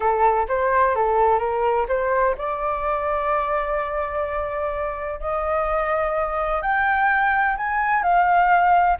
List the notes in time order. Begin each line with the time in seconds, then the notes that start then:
0.00 A4
0.48 C5
0.95 A4
1.39 A#4
1.88 C5
2.37 D5
5.20 D#5
6.61 G5
7.57 G#5
8.03 F5